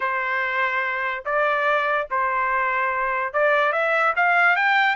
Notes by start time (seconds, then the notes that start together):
0.00 C5
1.25 D5
2.10 C5
3.33 D5
3.72 E5
4.16 F5
4.56 G5